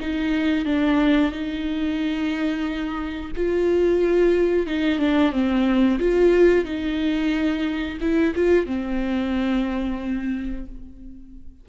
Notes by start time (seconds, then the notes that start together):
0.00 D#4
0.65 D4
1.32 D#4
3.36 F4
4.66 D#4
4.99 D4
5.32 C4
5.99 F4
6.65 D#4
8.01 E4
8.35 F4
8.66 C4